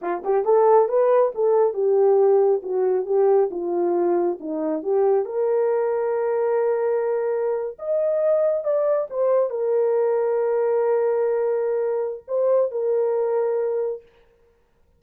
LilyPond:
\new Staff \with { instrumentName = "horn" } { \time 4/4 \tempo 4 = 137 f'8 g'8 a'4 b'4 a'4 | g'2 fis'4 g'4 | f'2 dis'4 g'4 | ais'1~ |
ais'4.~ ais'16 dis''2 d''16~ | d''8. c''4 ais'2~ ais'16~ | ais'1 | c''4 ais'2. | }